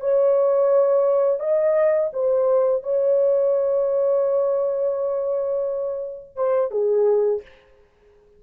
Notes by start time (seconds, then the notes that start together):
0.00 C#5
1.40 D#5
2.13 C5
2.83 C#5
6.36 C5
6.71 G#4